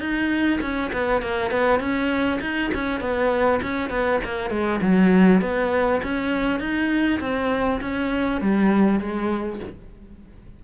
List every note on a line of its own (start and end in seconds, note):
0.00 0.60 D#4
0.61 0.91 C#4
0.93 1.22 B3
1.22 1.51 A#3
1.51 1.80 B3
1.80 2.40 C#4
2.41 2.71 D#4
2.74 3.01 C#4
3.01 3.61 B3
3.62 3.90 C#4
3.90 4.20 B3
4.24 4.50 A#3
4.50 4.80 G#3
4.82 5.42 F#3
5.42 6.02 B3
6.03 6.60 C#4
6.60 7.20 D#4
7.20 7.80 C4
7.81 8.41 C#4
8.41 9.00 G3
9.00 9.60 G#3